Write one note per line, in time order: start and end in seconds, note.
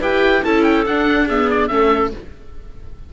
0.00 0.42 E4
0.00 0.44 G4
0.00 0.42 B4
0.00 0.44 G5
0.44 0.85 C#4
0.44 0.86 E4
0.44 1.26 A4
0.44 0.63 A5
0.63 0.84 G5
0.85 1.69 D4
0.85 1.28 D4
0.85 1.28 F#5
1.26 1.69 B3
1.26 1.68 G#4
1.26 1.50 E5
1.50 1.68 D5
1.68 2.13 A3
1.68 2.11 C#4
1.68 2.11 A4
1.68 2.10 E5